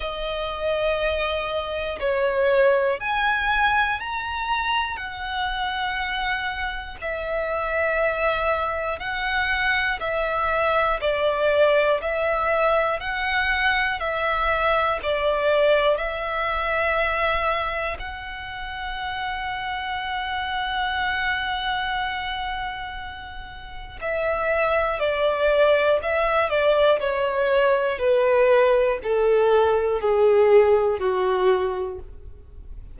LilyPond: \new Staff \with { instrumentName = "violin" } { \time 4/4 \tempo 4 = 60 dis''2 cis''4 gis''4 | ais''4 fis''2 e''4~ | e''4 fis''4 e''4 d''4 | e''4 fis''4 e''4 d''4 |
e''2 fis''2~ | fis''1 | e''4 d''4 e''8 d''8 cis''4 | b'4 a'4 gis'4 fis'4 | }